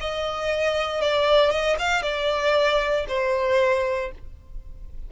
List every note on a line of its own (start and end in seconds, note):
0.00 1.01 D#5
1.01 1.50 D5
1.50 1.76 D#5
1.79 2.02 F5
2.02 3.05 D5
3.08 4.11 C5